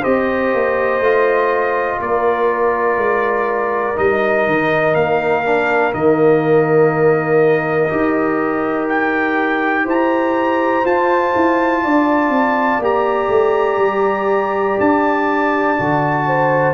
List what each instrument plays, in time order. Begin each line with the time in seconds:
0.00 tuba C4, trombone G4, horn C5, trumpet D#5
0.54 tuba A#3
1.00 tuba A3, trombone F4
2.00 tuba A#3, horn A#4, trumpet D5
2.97 tuba G#3
3.95 tuba G3, trombone D#4, trumpet D#5
4.47 tuba D#3
4.94 tuba A#3, trumpet F5
5.45 trombone D4
5.92 tuba D#3, trombone A#3, trumpet D#5
7.89 tuba D#4, trombone G4
8.89 trumpet G5
9.84 tuba E4, horn C5, trumpet A#5
10.84 trombone F4, tuba F4, trumpet A5
11.35 tuba E4
11.83 tuba D4, horn D5
12.29 tuba C4
12.79 tuba A#3, trombone G4, trumpet A#5
13.28 tuba A3
13.77 tuba G3
14.80 tuba D4, trumpet A5
15.77 tuba D3, trombone F#4
16.26 horn C5